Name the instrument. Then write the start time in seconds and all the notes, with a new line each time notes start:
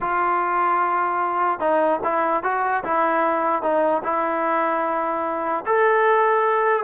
trombone
0.00 F4
1.59 D#4
2.03 E4
2.43 F#4
2.84 E4
3.62 D#4
4.03 E4
5.66 A4